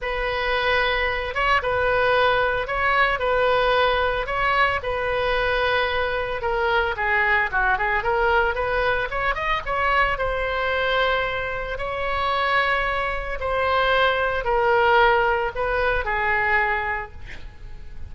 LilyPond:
\new Staff \with { instrumentName = "oboe" } { \time 4/4 \tempo 4 = 112 b'2~ b'8 cis''8 b'4~ | b'4 cis''4 b'2 | cis''4 b'2. | ais'4 gis'4 fis'8 gis'8 ais'4 |
b'4 cis''8 dis''8 cis''4 c''4~ | c''2 cis''2~ | cis''4 c''2 ais'4~ | ais'4 b'4 gis'2 | }